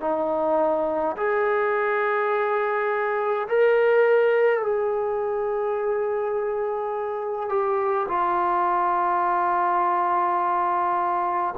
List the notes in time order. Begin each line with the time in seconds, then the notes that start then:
0.00 D#4
1.16 G#4
3.48 A#4
4.62 G#4
7.49 G4
8.08 F4